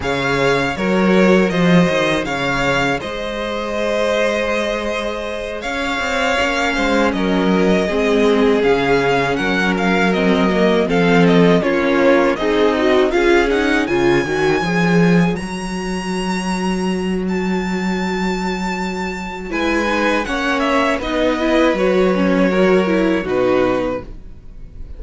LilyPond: <<
  \new Staff \with { instrumentName = "violin" } { \time 4/4 \tempo 4 = 80 f''4 cis''4 dis''4 f''4 | dis''2.~ dis''8 f''8~ | f''4. dis''2 f''8~ | f''8 fis''8 f''8 dis''4 f''8 dis''8 cis''8~ |
cis''8 dis''4 f''8 fis''8 gis''4.~ | gis''8 ais''2~ ais''8 a''4~ | a''2 gis''4 fis''8 e''8 | dis''4 cis''2 b'4 | }
  \new Staff \with { instrumentName = "violin" } { \time 4/4 cis''4 ais'4 c''4 cis''4 | c''2.~ c''8 cis''8~ | cis''4 c''8 ais'4 gis'4.~ | gis'8 ais'2 a'4 f'8~ |
f'8 dis'4 gis'4 cis''4.~ | cis''1~ | cis''2 b'4 cis''4 | b'2 ais'4 fis'4 | }
  \new Staff \with { instrumentName = "viola" } { \time 4/4 gis'4 fis'2 gis'4~ | gis'1~ | gis'8 cis'2 c'4 cis'8~ | cis'4. c'8 ais8 c'4 cis'8~ |
cis'8 gis'8 fis'8 f'8 dis'8 f'8 fis'8 gis'8~ | gis'8 fis'2.~ fis'8~ | fis'2 e'8 dis'8 cis'4 | dis'8 e'8 fis'8 cis'8 fis'8 e'8 dis'4 | }
  \new Staff \with { instrumentName = "cello" } { \time 4/4 cis4 fis4 f8 dis8 cis4 | gis2.~ gis8 cis'8 | c'8 ais8 gis8 fis4 gis4 cis8~ | cis8 fis2 f4 ais8~ |
ais8 c'4 cis'4 cis8 dis8 f8~ | f8 fis2.~ fis8~ | fis2 gis4 ais4 | b4 fis2 b,4 | }
>>